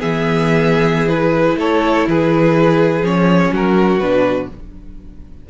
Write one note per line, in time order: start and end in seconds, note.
0.00 1.56 E3
0.00 1.09 B3
0.00 1.57 G#4
0.00 1.09 E5
1.09 3.03 E4
1.09 1.57 B4
1.56 2.05 A3
1.56 2.08 A4
1.56 2.09 C#5
2.08 3.02 E3
2.08 3.53 G#4
2.08 3.06 B4
3.02 3.50 F3
3.02 4.01 C#4
3.02 3.54 C#5
3.53 4.00 F#3
3.53 4.50 F#4
3.53 3.99 A#4
3.99 4.49 B2
3.99 4.50 D4
3.99 4.48 B4